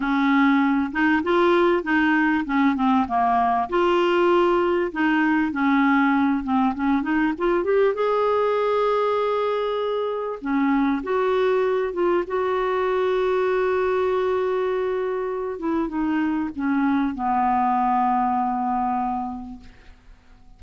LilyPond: \new Staff \with { instrumentName = "clarinet" } { \time 4/4 \tempo 4 = 98 cis'4. dis'8 f'4 dis'4 | cis'8 c'8 ais4 f'2 | dis'4 cis'4. c'8 cis'8 dis'8 | f'8 g'8 gis'2.~ |
gis'4 cis'4 fis'4. f'8 | fis'1~ | fis'4. e'8 dis'4 cis'4 | b1 | }